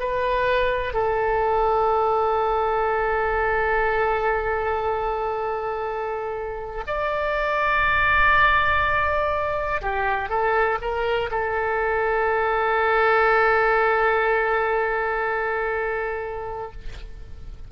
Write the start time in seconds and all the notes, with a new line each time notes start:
0.00 B4
0.94 A4
6.87 D5
9.82 G4
10.30 A4
10.82 A#4
11.31 A4